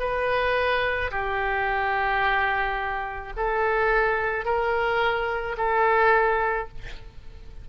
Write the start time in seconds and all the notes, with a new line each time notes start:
0.00 B4
1.11 G4
3.37 A4
4.45 A#4
5.58 A4